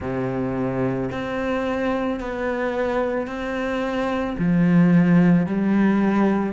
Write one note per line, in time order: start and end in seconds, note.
0.00 1.10 C3
1.11 2.20 C4
2.20 3.27 B3
3.27 4.36 C4
4.38 5.46 F3
5.46 6.53 G3